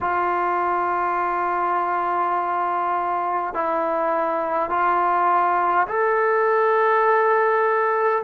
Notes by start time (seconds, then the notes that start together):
0.01 F4
3.53 E4
4.69 F4
5.87 A4